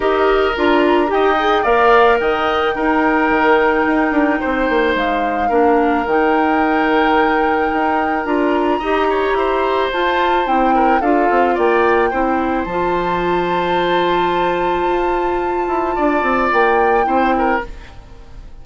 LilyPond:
<<
  \new Staff \with { instrumentName = "flute" } { \time 4/4 \tempo 4 = 109 dis''4 ais''4 g''4 f''4 | g''1~ | g''4 f''2 g''4~ | g''2. ais''4~ |
ais''2 a''4 g''4 | f''4 g''2 a''4~ | a''1~ | a''2 g''2 | }
  \new Staff \with { instrumentName = "oboe" } { \time 4/4 ais'2 dis''4 d''4 | dis''4 ais'2. | c''2 ais'2~ | ais'1 |
dis''8 cis''8 c''2~ c''8 ais'8 | a'4 d''4 c''2~ | c''1~ | c''4 d''2 c''8 ais'8 | }
  \new Staff \with { instrumentName = "clarinet" } { \time 4/4 g'4 f'4 g'8 gis'8 ais'4~ | ais'4 dis'2.~ | dis'2 d'4 dis'4~ | dis'2. f'4 |
g'2 f'4 e'4 | f'2 e'4 f'4~ | f'1~ | f'2. e'4 | }
  \new Staff \with { instrumentName = "bassoon" } { \time 4/4 dis'4 d'4 dis'4 ais4 | dis4 dis'4 dis4 dis'8 d'8 | c'8 ais8 gis4 ais4 dis4~ | dis2 dis'4 d'4 |
dis'4 e'4 f'4 c'4 | d'8 c'8 ais4 c'4 f4~ | f2. f'4~ | f'8 e'8 d'8 c'8 ais4 c'4 | }
>>